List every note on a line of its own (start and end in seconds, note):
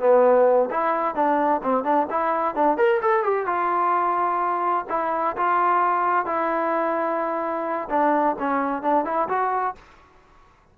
0.00 0.70 B3
0.71 1.15 E4
1.15 1.62 D4
1.63 1.84 C4
1.84 2.07 D4
2.10 2.55 E4
2.55 2.77 D4
2.77 3.01 A#4
3.02 3.23 A4
3.23 3.46 G4
3.46 4.86 F4
4.90 5.36 E4
5.37 6.26 F4
6.26 7.89 E4
7.90 8.36 D4
8.39 8.82 C#4
8.82 9.05 D4
9.05 9.28 E4
9.29 9.75 F#4